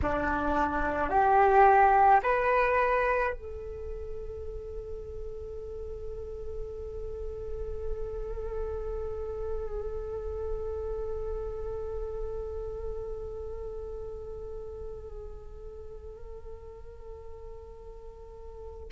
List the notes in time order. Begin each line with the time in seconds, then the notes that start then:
0.02 D4
1.09 G4
2.22 B4
3.33 A4